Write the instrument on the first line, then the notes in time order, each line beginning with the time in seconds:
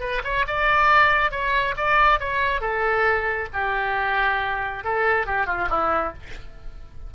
oboe
0.00 B4
0.24 C#5
0.47 D5
1.31 C#5
1.77 D5
2.20 C#5
2.61 A4
3.53 G4
4.84 A4
5.26 G4
5.46 F4
5.70 E4